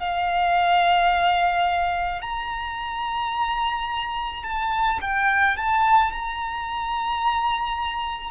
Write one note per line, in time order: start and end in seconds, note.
0.00 2.22 F5
2.22 4.44 A#5
4.44 4.99 A5
5.01 5.57 G5
5.57 6.12 A5
6.12 8.31 A#5